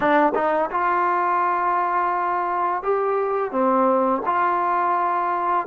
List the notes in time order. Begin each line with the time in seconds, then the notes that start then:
0.00 D4
0.34 D#4
0.71 F4
2.82 G4
3.51 C4
4.25 F4